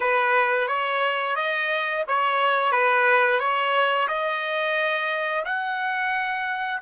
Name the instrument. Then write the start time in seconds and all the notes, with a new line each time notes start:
trumpet
0.00 B4
0.67 C#5
1.35 D#5
2.07 C#5
2.71 B4
3.39 C#5
4.08 D#5
5.45 F#5